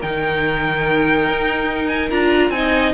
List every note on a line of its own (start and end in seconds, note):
0.00 1.29 D#3
0.00 2.11 D#4
0.00 2.52 A#4
0.00 1.87 G5
1.29 2.11 D#4
1.87 2.08 G#5
2.10 2.50 D4
2.10 2.53 F4
2.10 2.50 A#5
2.50 2.92 C4
2.50 2.94 D#4
2.50 2.94 D#5
2.50 2.92 G#5